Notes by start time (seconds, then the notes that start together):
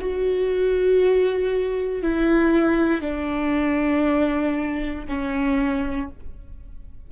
0.00 F#4
2.02 E4
3.01 D4
5.08 C#4